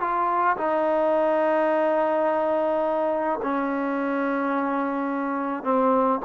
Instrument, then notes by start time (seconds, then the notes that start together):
trombone
0.00 F4
0.57 D#4
3.43 C#4
5.63 C4